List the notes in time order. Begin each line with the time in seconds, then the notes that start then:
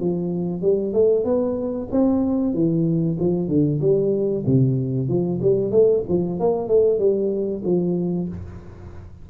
0.00 F3
0.62 G3
0.93 A3
1.24 B3
1.91 C4
2.54 E3
3.20 F3
3.48 D3
3.81 G3
4.46 C3
5.09 F3
5.42 G3
5.72 A3
6.08 F3
6.40 A#3
6.68 A3
6.99 G3
7.65 F3